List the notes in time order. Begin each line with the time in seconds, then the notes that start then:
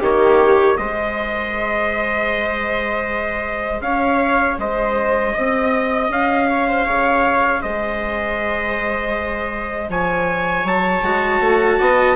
0.00 D#3 A#3 G4 C#5
0.78 G#3 G#4 C5 D#5
3.81 C#4 C#5 F5
4.59 G#3 C5 D#5
5.35 C4 D#5
6.10 C#4 F5
6.49 C#5
6.68 C5
6.86 C#3 C#5
7.61 G#3 C5 D#5
9.89 F3 C#5 G#5
10.64 F#3 A5
11.03 G#3 F#4
11.41 A3
11.81 B3 D#5